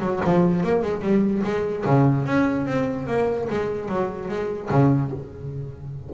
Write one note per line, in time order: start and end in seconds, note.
0.00 0.20 F#3
0.24 0.63 F3
0.63 0.82 A#3
0.82 1.01 G#3
1.01 1.42 G3
1.44 1.84 G#3
1.85 2.25 C#3
2.25 2.66 C#4
2.66 3.07 C4
3.07 3.48 A#3
3.49 3.88 G#3
3.88 4.28 F#3
4.28 4.69 G#3
4.70 5.11 C#3